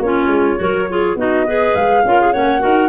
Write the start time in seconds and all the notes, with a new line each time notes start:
0.00 A#3 C#4 F4 C#5
0.28 G#3
0.57 F#3 F#4 A#4
0.90 F4 G#4
1.16 B3 D#4 F#4 D#5
1.46 G#4 B4
1.76 G#3 F5
2.05 C#4 F4 A#4
2.22 G#4
2.33 A#3 C#4 C#5 F#5
2.60 D#4 F#4 A#4